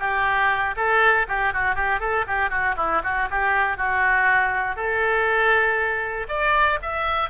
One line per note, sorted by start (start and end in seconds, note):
0.00 0.76 G4
0.77 1.27 A4
1.28 1.53 G4
1.53 1.75 F#4
1.75 2.00 G4
2.00 2.26 A4
2.28 2.50 G4
2.50 2.76 F#4
2.77 3.02 E4
3.04 3.29 F#4
3.31 3.77 G4
3.77 4.76 F#4
4.76 6.28 A4
6.28 6.79 D5
6.82 7.30 E5